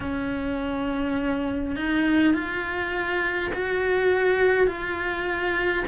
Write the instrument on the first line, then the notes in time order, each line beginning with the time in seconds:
cello
0.00 C#4
1.75 D#4
2.34 F4
3.53 F#4
4.67 F4